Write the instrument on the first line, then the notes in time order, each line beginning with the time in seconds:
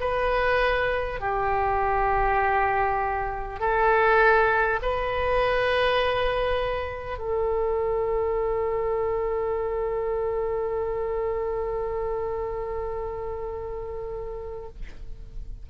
oboe
0.00 B4
1.20 G4
3.60 A4
4.82 B4
7.18 A4